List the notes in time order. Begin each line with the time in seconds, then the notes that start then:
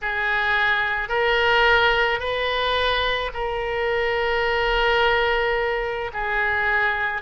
0.02 G#4
1.08 A#4
2.19 B4
3.33 A#4
6.13 G#4